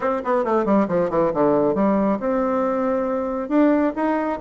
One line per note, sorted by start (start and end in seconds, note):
0.00 0.21 C4
0.24 0.44 B3
0.44 0.65 A3
0.65 0.87 G3
0.88 1.09 F3
1.09 1.31 E3
1.33 1.74 D3
1.74 2.18 G3
2.19 3.49 C4
3.49 3.92 D4
3.95 4.39 D#4